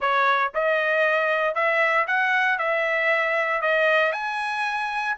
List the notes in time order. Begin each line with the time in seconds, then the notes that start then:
0.00 C#5
0.54 D#5
1.54 E5
2.07 F#5
2.58 E5
3.61 D#5
4.12 G#5